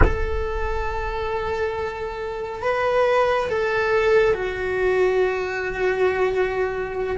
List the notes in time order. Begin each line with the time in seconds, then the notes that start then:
0.04 A4
2.62 B4
3.49 A4
4.34 F#4